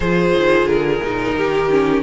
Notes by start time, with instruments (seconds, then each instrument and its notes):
0.00 cello F3, viola F4, violin G#4 C5
0.37 cello D#3
0.65 cello D3, violin A#4
1.02 cello A#2, viola D#4
1.34 cello D#3, violin G4
1.70 viola C#4